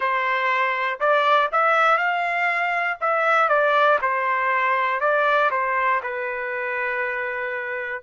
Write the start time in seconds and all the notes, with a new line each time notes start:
0.00 C5
1.00 D5
1.51 E5
1.97 F5
3.00 E5
3.48 D5
4.01 C5
5.00 D5
5.50 C5
6.02 B4